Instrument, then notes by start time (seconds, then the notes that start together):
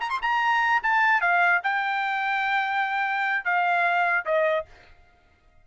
trumpet
0.00 A#5
0.10 C6
0.22 A#5
0.83 A5
1.20 F5
1.63 G5
3.44 F5
4.25 D#5